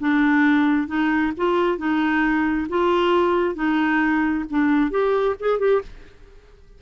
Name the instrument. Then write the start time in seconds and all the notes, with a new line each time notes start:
clarinet
0.00 D4
0.88 D#4
1.37 F4
1.78 D#4
2.69 F4
3.55 D#4
4.50 D4
4.91 G4
5.40 G#4
5.59 G4